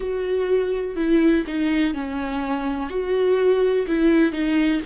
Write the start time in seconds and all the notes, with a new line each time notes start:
0.00 F#4
0.96 E4
1.46 D#4
1.94 C#4
2.89 F#4
3.87 E4
4.32 D#4